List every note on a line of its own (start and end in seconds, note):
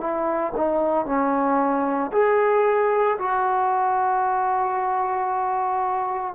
0.00 0.53 E4
0.56 1.06 D#4
1.06 2.11 C#4
2.12 3.18 G#4
3.18 6.34 F#4